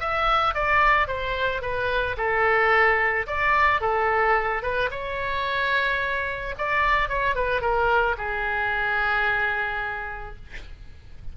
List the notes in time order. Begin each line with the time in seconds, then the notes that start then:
0.00 E5
0.54 D5
1.08 C5
1.62 B4
2.17 A4
3.27 D5
3.81 A4
4.62 B4
4.91 C#5
6.58 D5
7.09 C#5
7.35 B4
7.61 A#4
8.18 G#4